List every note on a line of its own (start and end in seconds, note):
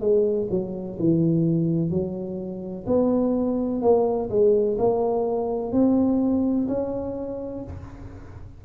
0.00 0.48 G#3
0.50 0.97 F#3
0.99 1.90 E3
1.90 2.85 F#3
2.87 3.82 B3
3.82 4.29 A#3
4.29 4.77 G#3
4.78 5.72 A#3
5.72 6.68 C4
6.68 7.63 C#4